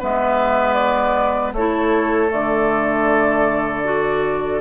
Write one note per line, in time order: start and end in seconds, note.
0.00 1.53 G#3
0.00 1.54 B3
0.00 1.54 B4
0.00 0.74 E5
0.74 1.51 D5
1.53 2.30 A3
1.53 2.29 E4
1.53 4.61 A4
1.53 2.32 C#5
2.29 4.61 D3
2.29 3.83 A3
2.29 4.61 D5
3.84 4.61 F#4